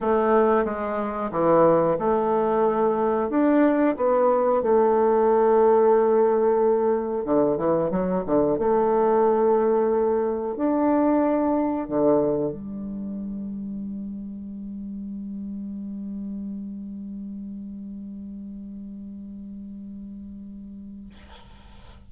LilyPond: \new Staff \with { instrumentName = "bassoon" } { \time 4/4 \tempo 4 = 91 a4 gis4 e4 a4~ | a4 d'4 b4 a4~ | a2. d8 e8 | fis8 d8 a2. |
d'2 d4 g4~ | g1~ | g1~ | g1 | }